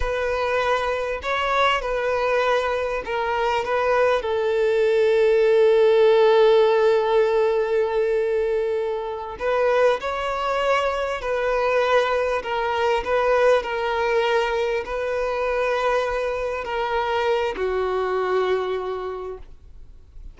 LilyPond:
\new Staff \with { instrumentName = "violin" } { \time 4/4 \tempo 4 = 99 b'2 cis''4 b'4~ | b'4 ais'4 b'4 a'4~ | a'1~ | a'2.~ a'8 b'8~ |
b'8 cis''2 b'4.~ | b'8 ais'4 b'4 ais'4.~ | ais'8 b'2. ais'8~ | ais'4 fis'2. | }